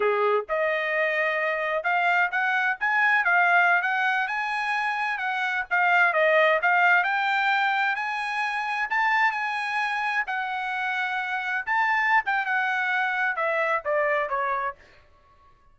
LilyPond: \new Staff \with { instrumentName = "trumpet" } { \time 4/4 \tempo 4 = 130 gis'4 dis''2. | f''4 fis''4 gis''4 f''4~ | f''16 fis''4 gis''2 fis''8.~ | fis''16 f''4 dis''4 f''4 g''8.~ |
g''4~ g''16 gis''2 a''8.~ | a''16 gis''2 fis''4.~ fis''16~ | fis''4~ fis''16 a''4~ a''16 g''8 fis''4~ | fis''4 e''4 d''4 cis''4 | }